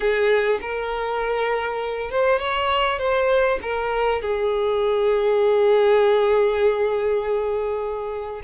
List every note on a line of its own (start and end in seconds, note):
0.00 0.59 G#4
0.61 2.10 A#4
2.10 2.39 C5
2.39 2.98 C#5
2.98 3.58 C5
3.62 4.21 A#4
4.21 8.41 G#4